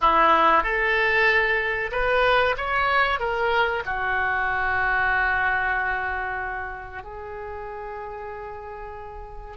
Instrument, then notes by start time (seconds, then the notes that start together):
oboe
0.01 E4
0.63 A4
1.91 B4
2.57 C#5
3.19 A#4
3.85 F#4
7.03 G#4